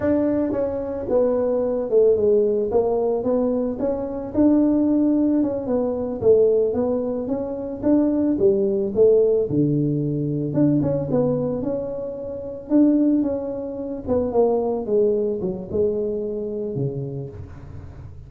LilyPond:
\new Staff \with { instrumentName = "tuba" } { \time 4/4 \tempo 4 = 111 d'4 cis'4 b4. a8 | gis4 ais4 b4 cis'4 | d'2 cis'8 b4 a8~ | a8 b4 cis'4 d'4 g8~ |
g8 a4 d2 d'8 | cis'8 b4 cis'2 d'8~ | d'8 cis'4. b8 ais4 gis8~ | gis8 fis8 gis2 cis4 | }